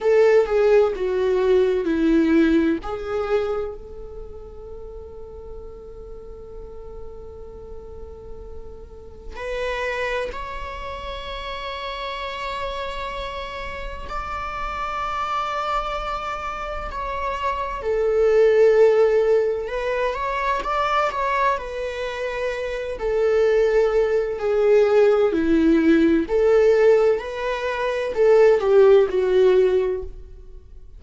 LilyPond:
\new Staff \with { instrumentName = "viola" } { \time 4/4 \tempo 4 = 64 a'8 gis'8 fis'4 e'4 gis'4 | a'1~ | a'2 b'4 cis''4~ | cis''2. d''4~ |
d''2 cis''4 a'4~ | a'4 b'8 cis''8 d''8 cis''8 b'4~ | b'8 a'4. gis'4 e'4 | a'4 b'4 a'8 g'8 fis'4 | }